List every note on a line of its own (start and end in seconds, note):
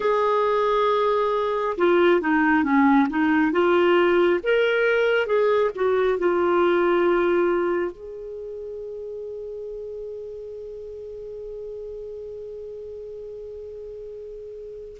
0.00 1.76 G#4
1.77 2.20 F4
2.20 2.63 D#4
2.63 3.07 C#4
3.09 3.51 D#4
3.51 4.40 F4
4.43 5.26 A#4
5.26 5.70 G#4
5.75 6.18 F#4
6.18 7.91 F4
7.91 14.97 G#4